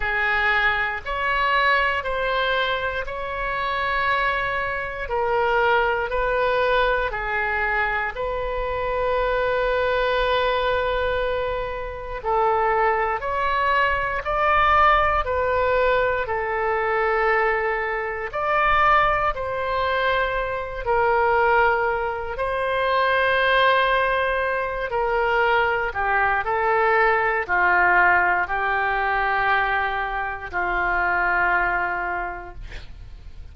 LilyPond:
\new Staff \with { instrumentName = "oboe" } { \time 4/4 \tempo 4 = 59 gis'4 cis''4 c''4 cis''4~ | cis''4 ais'4 b'4 gis'4 | b'1 | a'4 cis''4 d''4 b'4 |
a'2 d''4 c''4~ | c''8 ais'4. c''2~ | c''8 ais'4 g'8 a'4 f'4 | g'2 f'2 | }